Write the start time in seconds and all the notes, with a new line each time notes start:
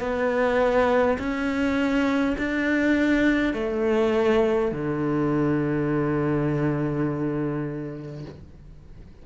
0.00 B3
1.19 C#4
2.38 D4
3.54 A3
4.72 D3